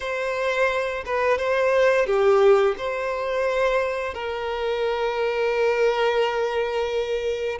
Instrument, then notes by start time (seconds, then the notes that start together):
violin
0.00 C5
1.05 B4
1.38 C5
2.06 G4
2.77 C5
4.14 A#4